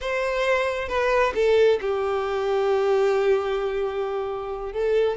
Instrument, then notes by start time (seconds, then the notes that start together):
violin
0.00 C5
0.88 B4
1.35 A4
1.81 G4
4.72 A4